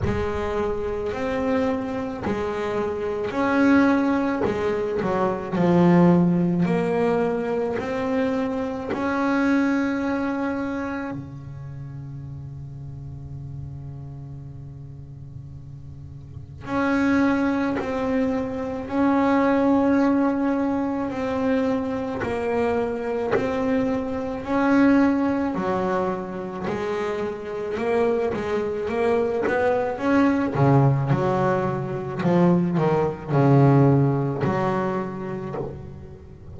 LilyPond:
\new Staff \with { instrumentName = "double bass" } { \time 4/4 \tempo 4 = 54 gis4 c'4 gis4 cis'4 | gis8 fis8 f4 ais4 c'4 | cis'2 cis2~ | cis2. cis'4 |
c'4 cis'2 c'4 | ais4 c'4 cis'4 fis4 | gis4 ais8 gis8 ais8 b8 cis'8 cis8 | fis4 f8 dis8 cis4 fis4 | }